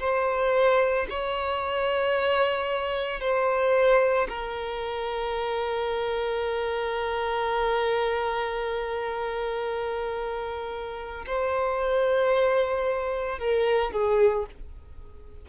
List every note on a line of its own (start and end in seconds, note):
0.00 1.07 C5
1.10 3.21 C#5
3.21 4.28 C5
4.29 11.25 A#4
11.26 13.39 C5
13.39 13.92 A#4
13.92 14.46 G#4